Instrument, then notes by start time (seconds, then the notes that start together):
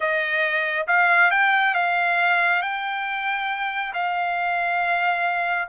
trumpet
0.00 D#5
0.87 F5
1.30 G5
1.74 F5
2.62 G5
3.93 F5